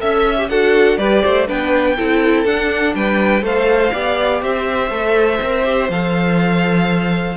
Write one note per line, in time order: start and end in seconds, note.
0.00 0.51 C#4
0.00 0.37 A4
0.00 0.49 E5
0.00 0.50 E5
0.38 0.50 G4
0.49 0.98 D4
0.49 0.99 F#4
0.49 0.99 A4
0.49 0.98 F#5
0.98 1.23 G3
0.98 1.47 G4
0.98 1.23 B4
0.98 1.47 D5
1.23 1.49 A3
1.23 1.48 C5
1.47 1.98 B3
1.47 1.97 D4
1.47 1.97 B4
1.47 2.45 G5
1.97 2.45 C4
1.97 2.47 E4
1.97 2.95 A4
2.45 2.95 D4
2.45 3.42 D4
2.45 2.95 F#5
2.95 3.43 G3
2.95 3.44 B4
2.95 3.45 G5
3.42 3.92 A3
3.42 3.91 A4
3.42 3.93 C5
3.42 4.43 F5
3.93 4.42 B3
3.93 4.92 G4
3.93 4.42 D5
4.42 4.90 C4
4.42 7.37 C5
4.42 5.91 E5
4.90 5.40 A3
4.90 5.41 A4
5.41 5.89 C4
5.41 5.64 A#4
5.64 5.89 G4
5.89 7.37 F3
5.89 7.37 A4
5.89 7.37 F5